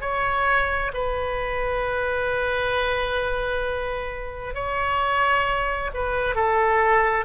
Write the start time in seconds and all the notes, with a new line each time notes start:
0.00 C#5
0.93 B4
4.54 C#5
5.93 B4
6.35 A4